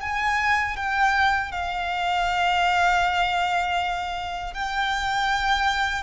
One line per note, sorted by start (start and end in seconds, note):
0.00 0.76 G#5
0.76 1.51 G5
1.51 4.53 F5
4.53 6.02 G5